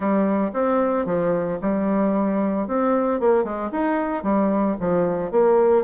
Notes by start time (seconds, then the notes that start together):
0.00 G3
0.53 C4
1.05 F3
1.61 G3
2.67 C4
3.20 A#3
3.43 G#3
3.71 D#4
4.23 G3
4.80 F3
5.31 A#3